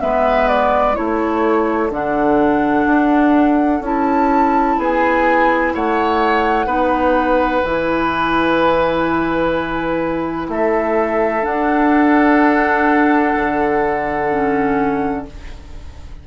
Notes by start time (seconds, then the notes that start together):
0.00 G#3 B3 B4 E5
0.48 D5
0.94 A3 E4 A4 C#5
1.90 D3 D4 F#5
2.86 D4
3.81 C#4 E4 A5
4.78 B3 G#4 G#5
5.74 A3 C#5 F#5
6.66 B3 D#4 B4
7.64 E3 E4 G#5
10.48 A3 A4 E5
11.42 D4 F#5
13.35 D3
14.31 C#4